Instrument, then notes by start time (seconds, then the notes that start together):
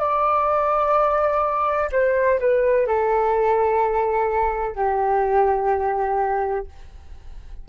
flute
0.00 D5
1.92 C5
2.40 B4
2.87 A4
4.76 G4